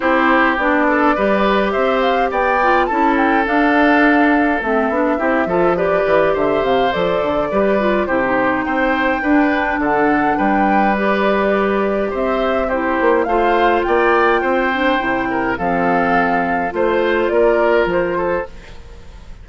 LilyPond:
<<
  \new Staff \with { instrumentName = "flute" } { \time 4/4 \tempo 4 = 104 c''4 d''2 e''8 f''8 | g''4 a''8 g''8 f''2 | e''2 d''4 e''8 f''8 | d''2 c''4 g''4~ |
g''4 fis''4 g''4 d''4~ | d''4 e''4 c''4 f''4 | g''2. f''4~ | f''4 c''4 d''4 c''4 | }
  \new Staff \with { instrumentName = "oboe" } { \time 4/4 g'4. a'8 b'4 c''4 | d''4 a'2.~ | a'4 g'8 a'8 b'4 c''4~ | c''4 b'4 g'4 c''4 |
b'4 a'4 b'2~ | b'4 c''4 g'4 c''4 | d''4 c''4. ais'8 a'4~ | a'4 c''4 ais'4. a'8 | }
  \new Staff \with { instrumentName = "clarinet" } { \time 4/4 e'4 d'4 g'2~ | g'8 f'8 e'4 d'2 | c'8 d'8 e'8 f'8 g'2 | a'4 g'8 f'8 e'16 dis'4.~ dis'16 |
d'2. g'4~ | g'2 e'4 f'4~ | f'4. d'8 e'4 c'4~ | c'4 f'2. | }
  \new Staff \with { instrumentName = "bassoon" } { \time 4/4 c'4 b4 g4 c'4 | b4 cis'4 d'2 | a8 b8 c'8 f4 e8 d8 c8 | f8 d8 g4 c4 c'4 |
d'4 d4 g2~ | g4 c'4. ais8 a4 | ais4 c'4 c4 f4~ | f4 a4 ais4 f4 | }
>>